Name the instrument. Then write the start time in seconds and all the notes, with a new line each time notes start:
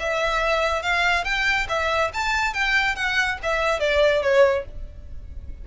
violin
0.00 E5
0.83 F5
1.25 G5
1.69 E5
2.14 A5
2.54 G5
2.96 F#5
3.43 E5
3.80 D5
4.23 C#5